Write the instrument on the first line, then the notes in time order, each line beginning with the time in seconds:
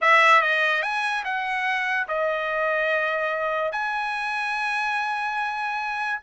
trumpet
0.01 E5
0.41 D#5
0.82 G#5
1.24 F#5
2.07 D#5
3.71 G#5